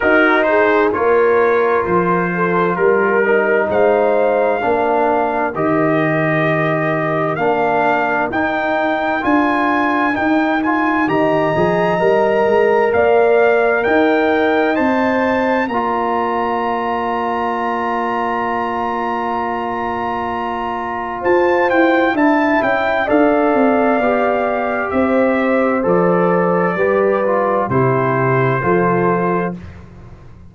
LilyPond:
<<
  \new Staff \with { instrumentName = "trumpet" } { \time 4/4 \tempo 4 = 65 ais'8 c''8 cis''4 c''4 ais'4 | f''2 dis''2 | f''4 g''4 gis''4 g''8 gis''8 | ais''2 f''4 g''4 |
a''4 ais''2.~ | ais''2. a''8 g''8 | a''8 g''8 f''2 e''4 | d''2 c''2 | }
  \new Staff \with { instrumentName = "horn" } { \time 4/4 fis'8 gis'8 ais'4. a'8 ais'4 | c''4 ais'2.~ | ais'1 | dis''2 d''4 dis''4~ |
dis''4 d''2.~ | d''2. c''4 | e''4 d''2 c''4~ | c''4 b'4 g'4 a'4 | }
  \new Staff \with { instrumentName = "trombone" } { \time 4/4 dis'4 f'2~ f'8 dis'8~ | dis'4 d'4 g'2 | d'4 dis'4 f'4 dis'8 f'8 | g'8 gis'8 ais'2. |
c''4 f'2.~ | f'1 | e'4 a'4 g'2 | a'4 g'8 f'8 e'4 f'4 | }
  \new Staff \with { instrumentName = "tuba" } { \time 4/4 dis'4 ais4 f4 g4 | gis4 ais4 dis2 | ais4 dis'4 d'4 dis'4 | dis8 f8 g8 gis8 ais4 dis'4 |
c'4 ais2.~ | ais2. f'8 e'8 | d'8 cis'8 d'8 c'8 b4 c'4 | f4 g4 c4 f4 | }
>>